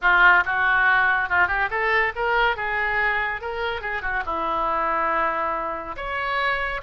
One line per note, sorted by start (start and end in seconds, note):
0.01 0.44 F4
0.45 1.29 F#4
1.29 1.47 F4
1.47 1.69 G4
1.70 2.13 A4
2.15 2.56 A#4
2.56 3.41 G#4
3.41 3.81 A#4
3.81 4.02 G#4
4.02 4.23 F#4
4.25 5.96 E4
5.96 6.81 C#5